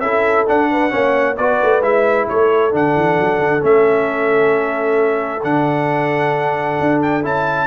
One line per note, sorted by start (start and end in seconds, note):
0.00 0.45 C#4
0.00 0.47 E4
0.00 0.71 A4
0.00 0.46 E5
0.47 0.90 D4
0.47 0.94 D4
0.47 1.37 F#5
0.72 0.93 B4
0.90 1.38 A#3
0.90 1.35 C#4
0.90 1.38 C#5
1.37 1.61 B3
1.37 1.83 F#4
1.37 2.30 B4
1.37 1.83 D5
1.63 1.82 A3
1.82 2.27 G#3
1.82 2.72 E4
1.82 2.28 E5
2.29 2.74 A3
2.29 7.68 A4
2.29 2.74 C#5
2.72 2.96 D3
2.72 3.60 D4
2.72 3.65 F#5
2.96 3.19 E3
3.20 3.39 F#3
3.39 3.62 D3
3.60 5.44 A3
3.60 5.41 C#4
3.60 5.44 E5
5.44 6.79 D3
5.44 7.23 D4
5.44 7.02 F#5
6.81 7.25 D4
7.03 7.25 G5
7.23 7.68 C#4
7.23 7.68 E4
7.23 7.68 A5